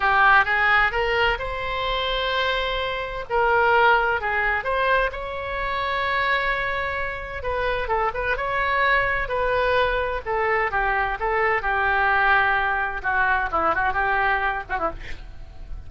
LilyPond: \new Staff \with { instrumentName = "oboe" } { \time 4/4 \tempo 4 = 129 g'4 gis'4 ais'4 c''4~ | c''2. ais'4~ | ais'4 gis'4 c''4 cis''4~ | cis''1 |
b'4 a'8 b'8 cis''2 | b'2 a'4 g'4 | a'4 g'2. | fis'4 e'8 fis'8 g'4. fis'16 e'16 | }